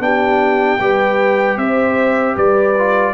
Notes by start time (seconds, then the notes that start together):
0.00 B3 D4 G4 G5
0.80 G3 G4 B4
1.58 C4 C5 E5
2.35 G3 B4 D5
2.78 F4